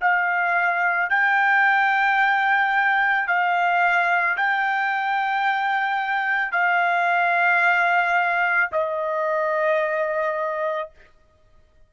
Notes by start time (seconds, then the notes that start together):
0.00 F5
1.09 G5
3.27 F5
4.36 G5
6.52 F5
8.71 D#5